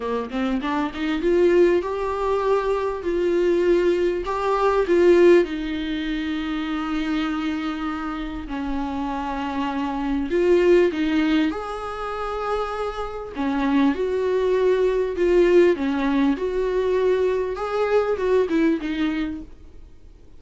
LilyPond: \new Staff \with { instrumentName = "viola" } { \time 4/4 \tempo 4 = 99 ais8 c'8 d'8 dis'8 f'4 g'4~ | g'4 f'2 g'4 | f'4 dis'2.~ | dis'2 cis'2~ |
cis'4 f'4 dis'4 gis'4~ | gis'2 cis'4 fis'4~ | fis'4 f'4 cis'4 fis'4~ | fis'4 gis'4 fis'8 e'8 dis'4 | }